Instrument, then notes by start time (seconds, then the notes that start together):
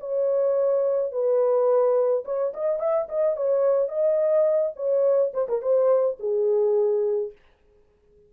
horn
0.00 C#5
1.12 B4
2.25 C#5
2.53 D#5
2.79 E5
3.09 D#5
3.36 C#5
3.88 D#5
4.76 C#5
5.33 C5
5.48 A#4
5.62 C5
6.20 G#4